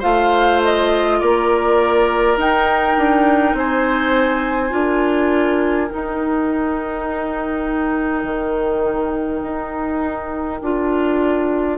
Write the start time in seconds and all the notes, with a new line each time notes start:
0.00 A3 F4 C5 F5
0.65 D#5
1.21 A#3 A#4 D5
2.37 D#4 G5
2.98 D4
3.54 C4 C5 G#5
4.70 D4 F4 A#4
5.90 D#4 G5
8.24 D#3
9.43 D#4
10.62 D4 F4